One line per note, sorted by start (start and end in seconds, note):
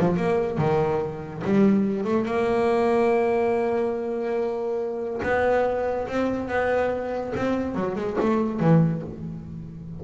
0.00 0.17 F3
0.17 0.58 A#3
0.58 1.43 D#3
1.45 2.05 G3
2.05 2.26 A3
2.26 5.22 A#3
5.23 6.08 B3
6.08 6.49 C4
6.49 7.34 B3
7.36 7.75 C4
7.75 7.96 F#3
7.96 8.17 G#3
8.21 8.60 A3
8.60 9.02 E3